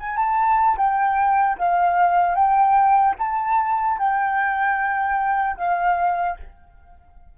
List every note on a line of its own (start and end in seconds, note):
0.00 0.17 G#5
0.17 0.77 A5
0.78 1.58 G5
1.58 2.35 F5
2.35 3.15 G5
3.19 3.99 A5
3.99 5.57 G5
5.57 6.37 F5